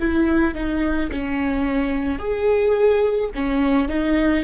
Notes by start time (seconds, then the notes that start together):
0.00 E4
0.55 D#4
1.11 C#4
2.19 G#4
3.35 C#4
3.88 D#4